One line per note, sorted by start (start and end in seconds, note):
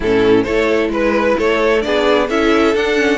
0.00 0.45 A2
0.00 0.46 C#4
0.00 0.42 E4
0.00 0.43 A4
0.43 0.88 A3
0.43 1.81 E4
0.43 0.90 A4
0.43 0.89 C#5
0.88 1.34 G#3
0.88 1.37 B4
0.88 1.38 B4
1.37 1.85 A3
1.37 1.83 A4
1.37 1.81 C#5
1.81 2.29 B3
1.81 2.27 D4
1.81 2.29 G#4
1.81 2.27 D5
2.29 2.74 C#4
2.29 2.75 E4
2.29 3.17 A4
2.29 2.75 E5
2.74 3.17 D4
2.74 2.97 D4
2.74 3.17 F#5
2.97 3.17 C#4